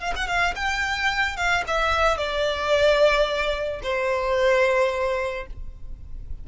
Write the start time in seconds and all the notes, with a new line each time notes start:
0.00 F5
0.16 F#5
0.27 F5
0.56 G5
1.37 F5
1.67 E5
2.18 D5
3.83 C5